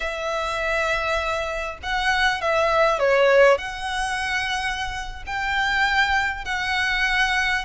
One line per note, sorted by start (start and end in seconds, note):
0.00 1.78 E5
1.82 2.41 F#5
2.41 2.99 E5
2.99 3.58 C#5
3.58 5.23 F#5
5.26 6.44 G5
6.44 7.64 F#5